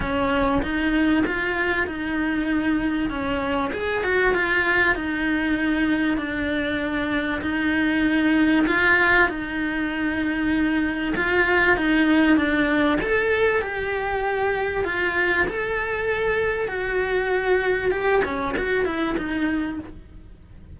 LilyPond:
\new Staff \with { instrumentName = "cello" } { \time 4/4 \tempo 4 = 97 cis'4 dis'4 f'4 dis'4~ | dis'4 cis'4 gis'8 fis'8 f'4 | dis'2 d'2 | dis'2 f'4 dis'4~ |
dis'2 f'4 dis'4 | d'4 a'4 g'2 | f'4 a'2 fis'4~ | fis'4 g'8 cis'8 fis'8 e'8 dis'4 | }